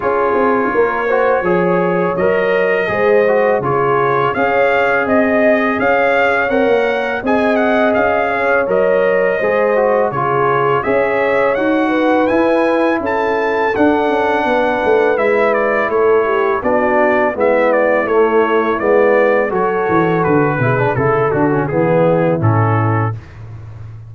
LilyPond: <<
  \new Staff \with { instrumentName = "trumpet" } { \time 4/4 \tempo 4 = 83 cis''2. dis''4~ | dis''4 cis''4 f''4 dis''4 | f''4 fis''4 gis''8 fis''8 f''4 | dis''2 cis''4 e''4 |
fis''4 gis''4 a''4 fis''4~ | fis''4 e''8 d''8 cis''4 d''4 | e''8 d''8 cis''4 d''4 cis''4 | b'4 a'8 fis'8 gis'4 a'4 | }
  \new Staff \with { instrumentName = "horn" } { \time 4/4 gis'4 ais'8 c''8 cis''2 | c''4 gis'4 cis''4 dis''4 | cis''2 dis''4. cis''8~ | cis''4 c''4 gis'4 cis''4~ |
cis''8 b'4. a'2 | b'2 a'8 g'8 fis'4 | e'2. a'4~ | a'8 gis'8 a'4 e'2 | }
  \new Staff \with { instrumentName = "trombone" } { \time 4/4 f'4. fis'8 gis'4 ais'4 | gis'8 fis'8 f'4 gis'2~ | gis'4 ais'4 gis'2 | ais'4 gis'8 fis'8 f'4 gis'4 |
fis'4 e'2 d'4~ | d'4 e'2 d'4 | b4 a4 b4 fis'4~ | fis'8 e'16 d'16 e'8 d'16 cis'16 b4 cis'4 | }
  \new Staff \with { instrumentName = "tuba" } { \time 4/4 cis'8 c'8 ais4 f4 fis4 | gis4 cis4 cis'4 c'4 | cis'4 c'16 ais8. c'4 cis'4 | fis4 gis4 cis4 cis'4 |
dis'4 e'4 cis'4 d'8 cis'8 | b8 a8 gis4 a4 b4 | gis4 a4 gis4 fis8 e8 | d8 b,8 cis8 d8 e4 a,4 | }
>>